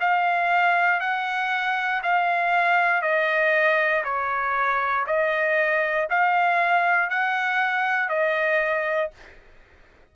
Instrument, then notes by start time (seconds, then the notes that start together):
trumpet
0.00 F5
1.00 F#5
2.03 F5
3.01 D#5
4.04 C#5
5.06 D#5
6.09 F5
7.10 F#5
8.09 D#5